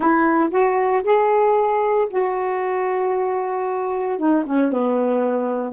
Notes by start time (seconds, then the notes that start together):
0.00 E4
0.50 F#4
1.03 G#4
2.10 F#4
4.18 D#4
4.46 C#4
4.71 B3